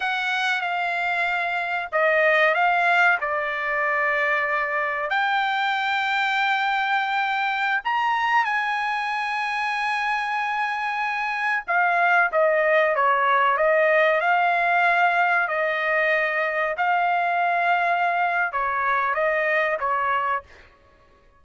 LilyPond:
\new Staff \with { instrumentName = "trumpet" } { \time 4/4 \tempo 4 = 94 fis''4 f''2 dis''4 | f''4 d''2. | g''1~ | g''16 ais''4 gis''2~ gis''8.~ |
gis''2~ gis''16 f''4 dis''8.~ | dis''16 cis''4 dis''4 f''4.~ f''16~ | f''16 dis''2 f''4.~ f''16~ | f''4 cis''4 dis''4 cis''4 | }